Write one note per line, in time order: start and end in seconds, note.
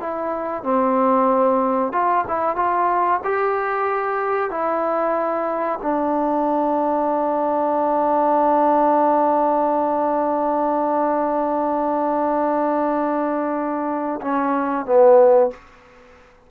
0.00 0.64 E4
0.64 1.93 C4
1.93 2.25 F4
2.28 2.56 E4
2.56 3.21 F4
3.24 4.51 G4
4.51 5.80 E4
5.82 14.21 D4
14.22 14.86 C#4
14.86 15.51 B3